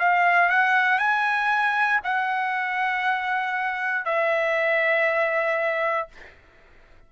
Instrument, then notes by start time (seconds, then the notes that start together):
trumpet
0.00 F5
0.50 F#5
0.99 G#5
2.04 F#5
4.05 E5